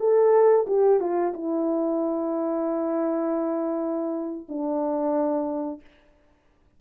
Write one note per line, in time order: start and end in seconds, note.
0.00 0.66 A4
0.67 1.00 G4
1.00 1.33 F4
1.34 4.47 E4
4.49 5.81 D4